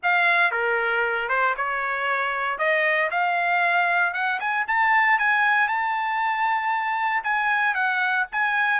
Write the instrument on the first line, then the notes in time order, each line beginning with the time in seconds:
trumpet
0.03 F5
0.51 A#4
1.29 C5
1.57 C#5
2.58 D#5
3.10 F5
4.13 F#5
4.40 G#5
4.67 A5
5.18 G#5
5.68 A5
7.23 G#5
7.74 F#5
8.32 G#5